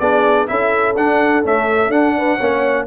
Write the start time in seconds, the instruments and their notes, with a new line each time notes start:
0.00 tuba B3, trombone D4, horn G#4, trumpet D5
0.48 tuba C#4, trombone E4, horn A4, trumpet E5
0.96 tuba D4, trombone D4, trumpet F#5
1.45 trombone A3, tuba C#4, trumpet E5
1.89 tuba D4, trombone D4, trumpet F#5
2.17 horn B4
2.37 tuba A#3, trombone C#4, horn C#5